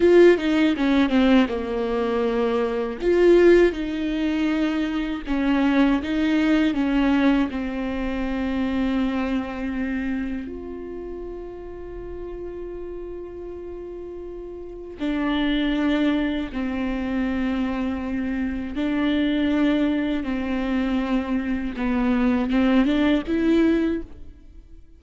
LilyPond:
\new Staff \with { instrumentName = "viola" } { \time 4/4 \tempo 4 = 80 f'8 dis'8 cis'8 c'8 ais2 | f'4 dis'2 cis'4 | dis'4 cis'4 c'2~ | c'2 f'2~ |
f'1 | d'2 c'2~ | c'4 d'2 c'4~ | c'4 b4 c'8 d'8 e'4 | }